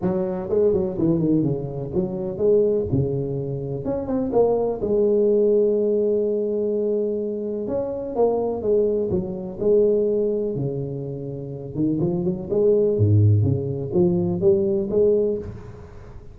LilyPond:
\new Staff \with { instrumentName = "tuba" } { \time 4/4 \tempo 4 = 125 fis4 gis8 fis8 e8 dis8 cis4 | fis4 gis4 cis2 | cis'8 c'8 ais4 gis2~ | gis1 |
cis'4 ais4 gis4 fis4 | gis2 cis2~ | cis8 dis8 f8 fis8 gis4 gis,4 | cis4 f4 g4 gis4 | }